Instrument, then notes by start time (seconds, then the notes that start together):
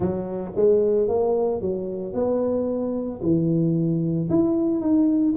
tuba
0.00 F#3
0.55 G#3
1.08 A#3
1.61 F#3
2.13 B3
3.21 E3
4.29 E4
4.81 D#4